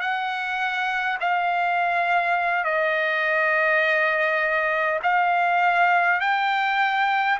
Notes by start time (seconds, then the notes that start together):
0.00 F#5
1.20 F5
2.64 D#5
5.03 F5
6.20 G5